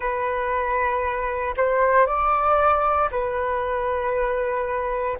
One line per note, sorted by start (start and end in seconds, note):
0.00 1.54 B4
1.57 2.06 C5
2.06 3.09 D5
3.11 5.18 B4